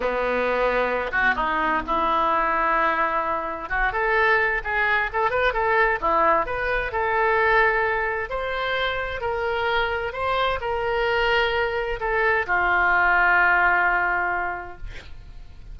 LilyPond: \new Staff \with { instrumentName = "oboe" } { \time 4/4 \tempo 4 = 130 b2~ b8 fis'8 dis'4 | e'1 | fis'8 a'4. gis'4 a'8 b'8 | a'4 e'4 b'4 a'4~ |
a'2 c''2 | ais'2 c''4 ais'4~ | ais'2 a'4 f'4~ | f'1 | }